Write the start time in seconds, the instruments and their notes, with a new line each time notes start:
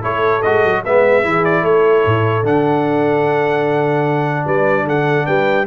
0.00 tuba A3, trombone E4, horn A4, trumpet C#5
0.42 tuba G#3, trombone F#4, trumpet D#5
0.64 tuba F#3
0.84 tuba G#3, trombone B3, horn B4, trumpet E5
1.23 tuba E3, trombone E4, horn G#4
1.44 trumpet D5
1.62 tuba A3, horn A4, trumpet C#5
2.05 tuba A2
2.42 tuba D3, trombone D4, trumpet F#5
4.45 tuba G3, horn B4, trumpet D5
4.84 tuba D3, horn A4, trumpet F#5
5.26 tuba G3, horn B4, trumpet G5